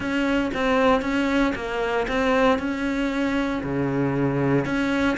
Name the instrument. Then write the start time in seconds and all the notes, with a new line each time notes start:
cello
0.00 C#4
0.54 C4
1.01 C#4
1.55 A#3
2.07 C4
2.58 C#4
3.63 C#3
4.65 C#4